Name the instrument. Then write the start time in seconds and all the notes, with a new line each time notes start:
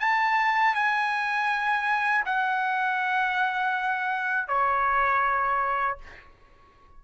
trumpet
0.00 A5
0.75 G#5
2.26 F#5
4.48 C#5